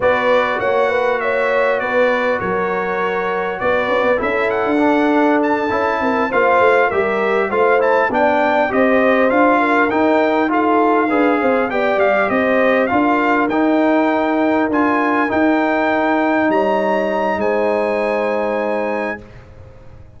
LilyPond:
<<
  \new Staff \with { instrumentName = "trumpet" } { \time 4/4 \tempo 4 = 100 d''4 fis''4 e''4 d''4 | cis''2 d''4 e''8 fis''8~ | fis''4 a''4. f''4 e''8~ | e''8 f''8 a''8 g''4 dis''4 f''8~ |
f''8 g''4 f''2 g''8 | f''8 dis''4 f''4 g''4.~ | g''8 gis''4 g''2 ais''8~ | ais''4 gis''2. | }
  \new Staff \with { instrumentName = "horn" } { \time 4/4 b'4 cis''8 b'8 cis''4 b'4 | ais'2 b'4 a'4~ | a'2 ais'8 c''4 ais'8~ | ais'8 c''4 d''4 c''4. |
ais'4. a'4 b'8 c''8 d''8~ | d''8 c''4 ais'2~ ais'8~ | ais'2.~ ais'8 cis''8~ | cis''4 c''2. | }
  \new Staff \with { instrumentName = "trombone" } { \time 4/4 fis'1~ | fis'2. e'4 | d'4. e'4 f'4 g'8~ | g'8 f'8 e'8 d'4 g'4 f'8~ |
f'8 dis'4 f'4 gis'4 g'8~ | g'4. f'4 dis'4.~ | dis'8 f'4 dis'2~ dis'8~ | dis'1 | }
  \new Staff \with { instrumentName = "tuba" } { \time 4/4 b4 ais2 b4 | fis2 b8 cis'16 b16 cis'8. d'16~ | d'4. cis'8 c'8 ais8 a8 g8~ | g8 a4 b4 c'4 d'8~ |
d'8 dis'2 d'8 c'8 b8 | g8 c'4 d'4 dis'4.~ | dis'8 d'4 dis'2 g8~ | g4 gis2. | }
>>